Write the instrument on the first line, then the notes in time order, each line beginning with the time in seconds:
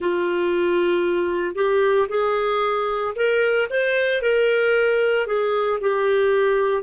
clarinet
0.00 F4
1.55 G4
2.09 G#4
3.15 A#4
3.69 C5
4.22 A#4
5.26 G#4
5.80 G4